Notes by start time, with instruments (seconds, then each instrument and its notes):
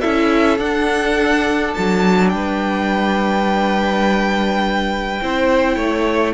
0.00 cello C#4, viola E4, violin A4 E5
0.58 cello D4, viola D4, violin F#5
1.74 cello F#3, violin A5
2.29 cello G3, violin B4 G5
5.22 cello C4, viola E4, violin C5
5.76 cello A3, violin C#5